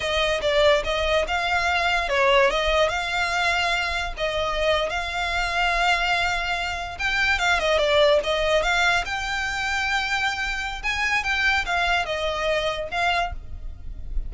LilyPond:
\new Staff \with { instrumentName = "violin" } { \time 4/4 \tempo 4 = 144 dis''4 d''4 dis''4 f''4~ | f''4 cis''4 dis''4 f''4~ | f''2 dis''4.~ dis''16 f''16~ | f''1~ |
f''8. g''4 f''8 dis''8 d''4 dis''16~ | dis''8. f''4 g''2~ g''16~ | g''2 gis''4 g''4 | f''4 dis''2 f''4 | }